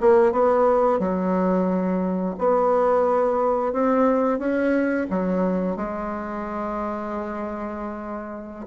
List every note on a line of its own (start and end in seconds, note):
0.00 0.32 A#3
0.32 0.99 B3
0.99 2.35 F#3
2.38 3.73 B3
3.73 4.39 C4
4.39 5.07 C#4
5.10 5.76 F#3
5.76 8.66 G#3